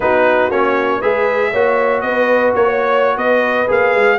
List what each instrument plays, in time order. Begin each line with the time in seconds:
0.00 tuba B3, trombone D#4, horn F#4, trumpet B4
0.50 tuba A#3, trombone C#4, trumpet C#5
0.99 tuba G#3, trombone G#4, horn B4, trumpet E5
1.51 tuba A#3, trombone F#4, horn C#5
2.01 tuba B3, trumpet D#5
2.08 horn B4
2.55 tuba A#3, horn A#4, trumpet C#5
2.66 horn C#5
3.16 tuba B3, horn B4, trumpet D#5
3.67 tuba A#3, trombone G#4, trumpet F5
3.95 tuba G#3